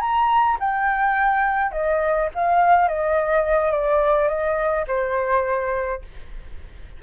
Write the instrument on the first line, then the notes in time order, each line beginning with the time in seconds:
flute
0.00 A#5
0.59 G5
1.72 D#5
2.35 F5
2.88 D#5
3.71 D5
4.28 D#5
4.88 C5